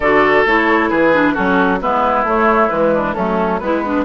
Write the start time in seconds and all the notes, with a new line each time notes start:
0.00 D3 F#4 A4 D5
0.45 A3 E4 C#5
0.89 E3 G#4 B4
1.13 D4
1.33 F#3 C#4 F#4 A4
1.81 G#3 B3 E4 B4
2.23 A3 C#5
2.69 E3 G#3 B4
2.94 D4
3.14 F#3 A3 C#4 A4
3.59 G#3 B3 E4 B4
3.84 D4